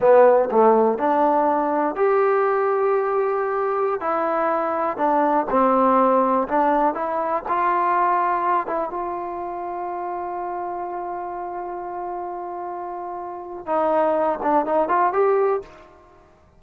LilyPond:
\new Staff \with { instrumentName = "trombone" } { \time 4/4 \tempo 4 = 123 b4 a4 d'2 | g'1~ | g'16 e'2 d'4 c'8.~ | c'4~ c'16 d'4 e'4 f'8.~ |
f'4.~ f'16 e'8 f'4.~ f'16~ | f'1~ | f'1 | dis'4. d'8 dis'8 f'8 g'4 | }